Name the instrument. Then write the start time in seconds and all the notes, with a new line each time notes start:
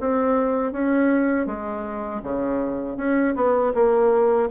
bassoon
0.00 C4
0.72 C#4
1.46 G#3
2.23 C#3
2.97 C#4
3.35 B3
3.74 A#3